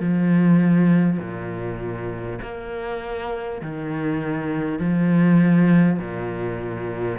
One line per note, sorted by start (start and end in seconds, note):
0.00 1.19 F3
1.19 2.39 A#2
2.42 3.62 A#3
3.62 4.79 D#3
4.79 5.99 F3
5.99 7.19 A#2